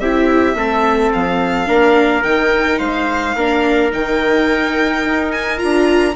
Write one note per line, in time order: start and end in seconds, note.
0.00 0.55 C4
0.00 0.56 E4
0.00 0.57 G4
0.00 1.13 E5
0.55 1.11 A3
0.55 1.67 C4
0.55 1.69 A4
1.13 1.69 F3
1.13 2.23 F5
1.67 2.24 A#3
1.67 2.23 D4
1.67 2.79 A#4
2.23 2.80 D#3
2.23 3.37 D#4
2.23 2.79 G5
2.79 3.36 G#3
2.79 3.36 C5
2.79 3.91 F5
3.36 3.92 A#3
3.36 3.92 D4
3.36 6.16 A#4
3.92 5.05 D#3
3.92 5.58 D#4
3.92 5.32 G5
5.05 5.61 D#4
5.32 5.59 G#5
5.58 6.16 D4
5.58 6.14 F4
5.58 6.15 A#5